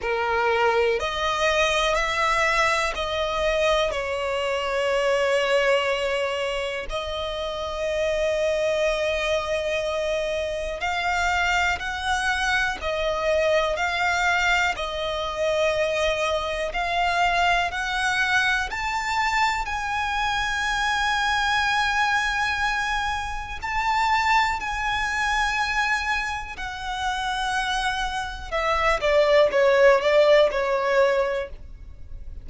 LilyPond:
\new Staff \with { instrumentName = "violin" } { \time 4/4 \tempo 4 = 61 ais'4 dis''4 e''4 dis''4 | cis''2. dis''4~ | dis''2. f''4 | fis''4 dis''4 f''4 dis''4~ |
dis''4 f''4 fis''4 a''4 | gis''1 | a''4 gis''2 fis''4~ | fis''4 e''8 d''8 cis''8 d''8 cis''4 | }